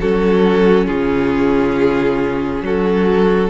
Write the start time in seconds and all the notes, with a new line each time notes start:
0.00 F#3 C#4 F#4 A4
0.86 C#3 F4 G#4
2.62 F#3 F#4 A4